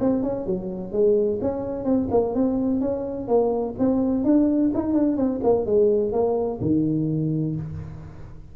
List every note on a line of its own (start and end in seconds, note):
0.00 0.23 C4
0.23 0.46 C#4
0.46 0.92 F#3
0.92 1.39 G#3
1.41 1.84 C#4
1.84 2.08 C4
2.10 2.34 A#3
2.34 2.80 C4
2.80 3.27 C#4
3.27 3.75 A#3
3.78 4.24 C4
4.24 4.71 D4
4.74 4.93 D#4
4.93 5.16 D4
5.16 5.40 C4
5.43 5.65 A#3
5.65 6.12 G#3
6.12 6.59 A#3
6.61 7.55 D#3